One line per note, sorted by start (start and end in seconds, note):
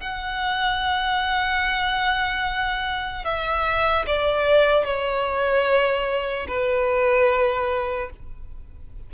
0.00 3.24 F#5
3.24 4.05 E5
4.06 4.84 D5
4.84 6.46 C#5
6.47 8.09 B4